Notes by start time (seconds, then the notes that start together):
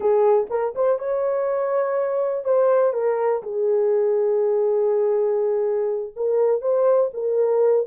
0.00 G#4
0.50 A#4
0.75 C5
0.98 C#5
2.44 C5
2.93 A#4
3.42 G#4
6.16 A#4
6.61 C5
7.13 A#4